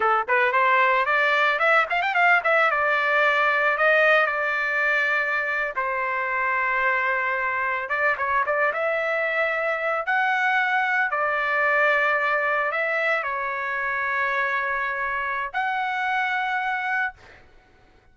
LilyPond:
\new Staff \with { instrumentName = "trumpet" } { \time 4/4 \tempo 4 = 112 a'8 b'8 c''4 d''4 e''8 f''16 g''16 | f''8 e''8 d''2 dis''4 | d''2~ d''8. c''4~ c''16~ | c''2~ c''8. d''8 cis''8 d''16~ |
d''16 e''2~ e''8 fis''4~ fis''16~ | fis''8. d''2. e''16~ | e''8. cis''2.~ cis''16~ | cis''4 fis''2. | }